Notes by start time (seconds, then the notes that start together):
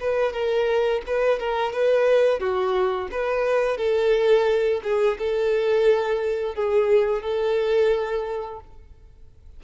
0.00 B4
0.33 A#4
1.06 B4
1.39 A#4
1.72 B4
2.39 F#4
3.11 B4
3.77 A4
4.83 G#4
5.18 A4
6.55 G#4
7.22 A4